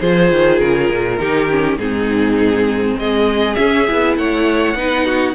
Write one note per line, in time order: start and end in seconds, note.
0.00 0.31 F3
0.00 1.19 F4
0.00 1.19 G#4
0.00 0.59 C5
0.31 0.61 D#3
0.59 0.89 C#3
0.59 1.78 A#4
0.89 1.19 A#2
1.19 1.77 D#3
1.19 1.49 D#4
1.19 1.78 G4
1.49 1.79 C#4
1.77 2.96 G#2
1.77 3.56 C4
1.77 2.99 D#4
1.77 2.97 G#4
2.96 3.56 G#3
2.96 4.18 G#4
2.96 3.55 D#5
3.55 3.85 C#4
3.55 3.88 C#4
3.55 4.14 E5
3.87 4.17 B3
3.87 4.76 E4
4.17 4.75 A3
4.17 4.77 C#5
4.17 5.35 F#5
4.75 5.34 B3
4.75 5.35 D#4
4.75 5.05 B4
5.05 5.34 F#4